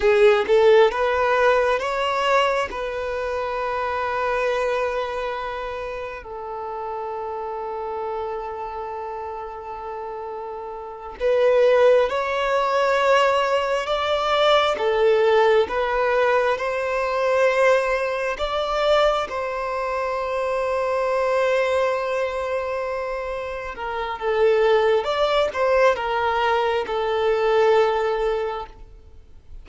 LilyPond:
\new Staff \with { instrumentName = "violin" } { \time 4/4 \tempo 4 = 67 gis'8 a'8 b'4 cis''4 b'4~ | b'2. a'4~ | a'1~ | a'8 b'4 cis''2 d''8~ |
d''8 a'4 b'4 c''4.~ | c''8 d''4 c''2~ c''8~ | c''2~ c''8 ais'8 a'4 | d''8 c''8 ais'4 a'2 | }